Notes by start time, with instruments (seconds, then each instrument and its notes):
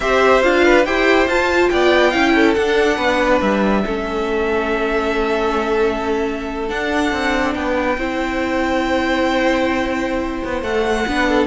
0.00 cello C4, viola G4, violin C5 E5
0.42 cello D4, viola F4, violin F5
0.64 violin B4
0.85 cello E4, viola G4, violin C5 G5
1.27 cello F4, viola F4, violin A5
1.69 cello B3, violin D5 G5
2.10 cello C#4, viola E4, violin F5
2.35 violin A4
2.54 viola D4, cello D4, violin F#5
2.96 cello B3, violin B4
3.41 cello G3, violin E5
3.85 cello A3, viola C#4, violin A4
6.68 viola D4, cello D4, violin F#5
7.12 cello C4
7.54 cello B3, violin B4 G5
7.97 cello C4, viola E4, violin C5
10.44 cello B3
10.62 cello A3, viola A4, violin F#5
10.87 viola A3
11.07 cello B3, viola D4, violin B4
11.28 violin A4